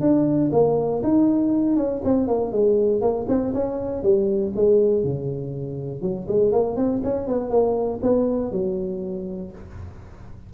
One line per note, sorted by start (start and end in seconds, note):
0.00 0.50 D4
0.52 1.02 A#3
1.03 1.76 D#4
1.76 2.01 C#4
2.04 2.27 C4
2.27 2.52 A#3
2.52 3.01 G#3
3.01 3.26 A#3
3.28 3.53 C4
3.53 4.02 C#4
4.02 4.52 G3
4.55 5.03 G#3
5.03 6.01 C#3
6.01 6.26 F#3
6.28 6.52 G#3
6.52 6.76 A#3
6.76 7.01 C4
7.03 7.27 C#4
7.27 7.50 B3
7.50 8.00 A#3
8.02 8.51 B3
8.51 9.51 F#3